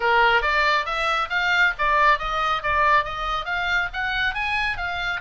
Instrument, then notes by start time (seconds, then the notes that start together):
oboe
0.00 A#4
0.42 D5
0.85 E5
1.29 F5
1.78 D5
2.19 D#5
2.62 D5
3.04 D#5
3.45 F5
3.93 F#5
4.34 G#5
4.77 F5